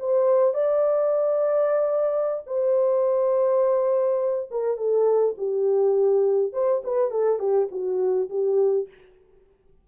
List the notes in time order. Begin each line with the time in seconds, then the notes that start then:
0.00 C5
0.54 D5
2.47 C5
4.51 A#4
4.77 A4
5.38 G4
6.53 C5
6.84 B4
7.11 A4
7.40 G4
7.71 F#4
8.30 G4